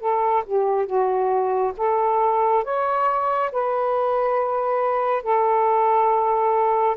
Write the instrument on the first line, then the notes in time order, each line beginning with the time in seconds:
saxophone
0.00 A4
0.46 G4
0.86 F#4
1.77 A4
2.64 C#5
3.52 B4
5.23 A4